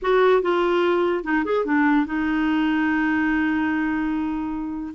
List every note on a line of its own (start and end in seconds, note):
0.02 0.42 F#4
0.42 1.24 F4
1.24 1.44 D#4
1.44 1.65 G#4
1.65 2.06 D4
2.06 4.93 D#4